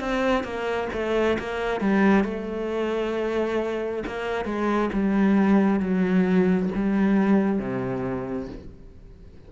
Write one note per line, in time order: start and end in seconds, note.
0.00 0.44 C4
0.44 0.88 A#3
0.93 1.38 A3
1.39 1.81 A#3
1.81 2.24 G3
2.24 4.03 A3
4.07 4.45 A#3
4.45 4.90 G#3
4.93 5.80 G3
5.80 6.69 F#3
6.75 7.59 G3
7.59 8.49 C3